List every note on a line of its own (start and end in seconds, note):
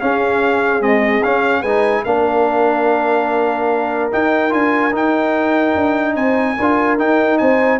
0.00 0.80 C#4
0.00 0.81 C#4
0.00 1.61 G#4
0.00 0.82 F5
0.80 1.21 G#3
0.80 1.22 C4
0.80 1.23 D#5
1.23 1.65 C#4
1.23 1.62 C#4
1.23 1.62 F5
1.61 2.03 G#3
1.61 2.06 D#4
1.61 2.02 B4
1.61 2.03 G#5
2.04 4.11 A#3
2.04 4.11 D4
2.04 6.15 A#4
2.04 4.10 F5
4.11 4.50 D#4
4.11 4.52 D#4
4.11 4.53 G5
4.50 4.92 D4
4.50 4.91 F4
4.50 4.94 G#5
4.92 5.74 D#4
4.92 6.56 D#4
4.92 6.15 G5
5.75 6.15 D4
6.15 6.56 C4
6.15 6.56 C5
6.15 6.97 G#5
6.59 6.99 D4
6.59 6.98 F4
6.59 7.39 A#4
6.98 7.80 D#4
6.98 7.40 D#4
6.98 7.37 G5
7.37 7.80 C4
7.37 7.80 C5
7.37 7.79 G#5